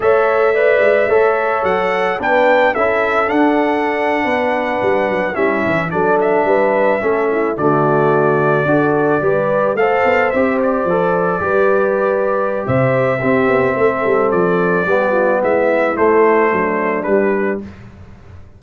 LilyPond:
<<
  \new Staff \with { instrumentName = "trumpet" } { \time 4/4 \tempo 4 = 109 e''2. fis''4 | g''4 e''4 fis''2~ | fis''4.~ fis''16 e''4 d''8 e''8.~ | e''4.~ e''16 d''2~ d''16~ |
d''4.~ d''16 f''4 e''8 d''8.~ | d''2. e''4~ | e''2 d''2 | e''4 c''2 b'4 | }
  \new Staff \with { instrumentName = "horn" } { \time 4/4 cis''4 d''4 cis''2 | b'4 a'2~ a'8. b'16~ | b'4.~ b'16 e'4 a'4 b'16~ | b'8. a'8 e'8 fis'2 a'16~ |
a'8. b'4 c''2~ c''16~ | c''8. b'2~ b'16 c''4 | g'4 a'2 g'8 f'8 | e'2 d'2 | }
  \new Staff \with { instrumentName = "trombone" } { \time 4/4 a'4 b'4 a'2 | d'4 e'4 d'2~ | d'4.~ d'16 cis'4 d'4~ d'16~ | d'8. cis'4 a2 fis'16~ |
fis'8. g'4 a'4 g'4 a'16~ | a'8. g'2.~ g'16 | c'2. b4~ | b4 a2 g4 | }
  \new Staff \with { instrumentName = "tuba" } { \time 4/4 a4. gis8 a4 fis4 | b4 cis'4 d'4.~ d'16 b16~ | b8. g8 fis8 g8 e8 fis4 g16~ | g8. a4 d2 d'16~ |
d'8. g4 a8 b8 c'4 f16~ | f8. g2~ g16 c4 | c'8 b8 a8 g8 f4 g4 | gis4 a4 fis4 g4 | }
>>